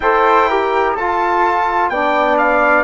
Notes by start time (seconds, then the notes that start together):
0.00 E4 A4 C5 G5
0.48 G4 A#4
0.95 F4 A4 A5
1.89 B3 D4 D5 G5
2.37 F5